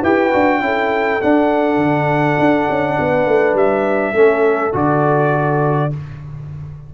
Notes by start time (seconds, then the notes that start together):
0.00 E4 G4 B4 G5
0.32 D4 F#4
0.61 C#4 E4 A4
1.20 D4 F#5
1.77 D3
2.39 D4
2.69 C#4
2.98 B3 B4
3.26 A3
3.54 G3 E5
4.13 A3 C#4 A4
4.72 D3 F#4 D5